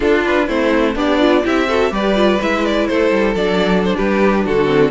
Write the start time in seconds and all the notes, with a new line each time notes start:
0.00 D4 F4 A4
0.25 B4
0.47 A3 C4 E4 C5
0.94 B3 D4 G4 D5
1.20 F4
1.43 C4 E4 G4 E5
1.68 F#4 A4
1.91 G3 G4 B4 D5
2.15 F4
2.41 G#3 E4 E5
2.65 D5
2.87 A3 A4 C5
3.11 G3
3.35 F#3 D4 D5
3.84 C5
3.96 G3 G4 B4
4.45 D3 F#4 A4
4.65 C4